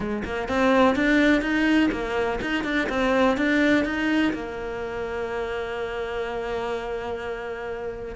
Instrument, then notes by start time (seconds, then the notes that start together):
cello
0.00 G#3
0.24 A#3
0.48 C4
0.95 D4
1.41 D#4
1.91 A#3
2.41 D#4
2.64 D4
2.89 C4
3.37 D4
3.84 D#4
4.33 A#3